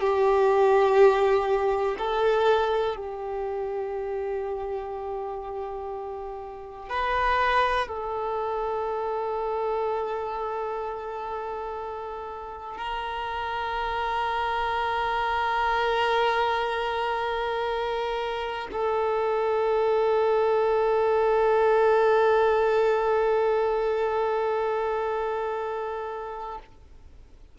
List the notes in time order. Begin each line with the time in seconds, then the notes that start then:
0.00 G4
1.98 A4
2.96 G4
6.89 B4
7.88 A4
12.77 A#4
18.72 A4